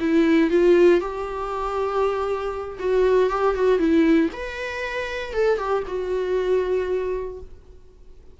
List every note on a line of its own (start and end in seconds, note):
0.00 0.50 E4
0.50 1.00 F4
1.00 2.78 G4
2.79 3.29 F#4
3.29 3.55 G4
3.55 3.79 F#4
3.79 4.30 E4
4.33 5.33 B4
5.33 5.58 A4
5.58 5.83 G4
5.87 7.40 F#4